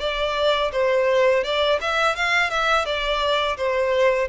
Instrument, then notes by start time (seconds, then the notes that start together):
violin
0.00 D5
0.72 C5
1.44 D5
1.81 E5
2.16 F5
2.51 E5
2.85 D5
3.57 C5